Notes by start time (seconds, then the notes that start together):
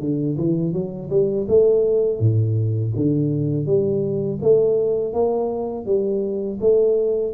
0.00 D3
0.38 E3
0.73 F#3
1.10 G3
1.48 A3
2.20 A2
2.96 D3
3.66 G3
4.42 A3
5.13 A#3
5.86 G3
6.61 A3